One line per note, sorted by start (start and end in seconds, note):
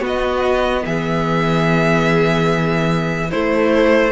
0.00 3.29 B3
0.00 0.83 B3
0.00 0.83 F#4
0.00 0.85 D#5
0.85 3.32 E3
0.85 3.29 G#4
0.85 3.31 E5
3.29 4.12 A3
3.29 4.11 E4
3.29 4.12 C5